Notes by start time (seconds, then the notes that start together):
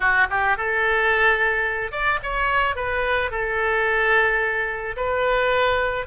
0.00 F#4
0.30 G4
0.57 A4
1.91 D5
2.22 C#5
2.75 B4
3.31 A4
4.96 B4